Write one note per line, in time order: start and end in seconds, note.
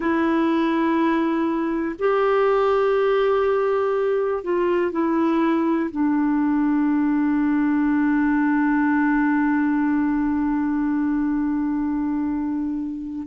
0.00 1.95 E4
1.99 4.43 G4
4.43 4.91 F4
4.91 5.90 E4
5.91 13.27 D4